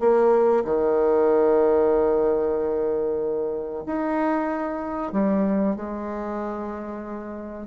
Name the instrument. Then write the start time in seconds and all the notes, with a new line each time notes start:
bassoon
0.00 A#3
0.65 D#3
3.86 D#4
5.12 G3
5.76 G#3